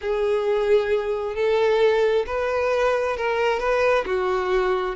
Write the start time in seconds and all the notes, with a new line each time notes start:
0.01 G#4
1.35 A4
2.26 B4
3.16 A#4
3.59 B4
4.05 F#4